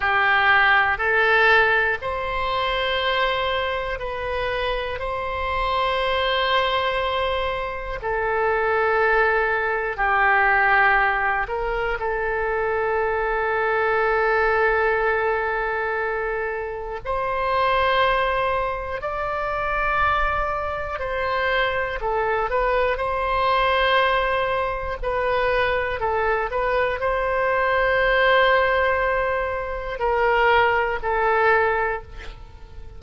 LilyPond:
\new Staff \with { instrumentName = "oboe" } { \time 4/4 \tempo 4 = 60 g'4 a'4 c''2 | b'4 c''2. | a'2 g'4. ais'8 | a'1~ |
a'4 c''2 d''4~ | d''4 c''4 a'8 b'8 c''4~ | c''4 b'4 a'8 b'8 c''4~ | c''2 ais'4 a'4 | }